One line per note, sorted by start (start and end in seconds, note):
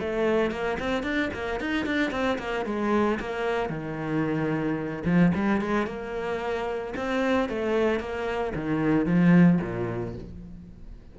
0.00 0.51 A3
0.51 0.78 A#3
0.80 1.03 C4
1.03 1.30 D4
1.33 1.60 A#3
1.60 1.86 D#4
1.86 2.11 D4
2.11 2.38 C4
2.38 2.65 A#3
2.65 3.19 G#3
3.20 3.70 A#3
3.70 5.04 D#3
5.05 5.32 F3
5.35 5.61 G3
5.61 5.87 G#3
5.87 6.94 A#3
6.96 7.49 C4
7.49 8.00 A3
8.00 8.53 A#3
8.55 9.06 D#3
9.06 9.59 F3
9.62 10.15 A#2